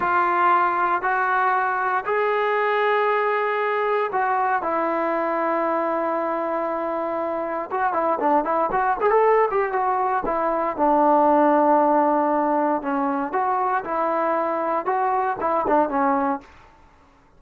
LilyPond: \new Staff \with { instrumentName = "trombone" } { \time 4/4 \tempo 4 = 117 f'2 fis'2 | gis'1 | fis'4 e'2.~ | e'2. fis'8 e'8 |
d'8 e'8 fis'8 gis'16 a'8. g'8 fis'4 | e'4 d'2.~ | d'4 cis'4 fis'4 e'4~ | e'4 fis'4 e'8 d'8 cis'4 | }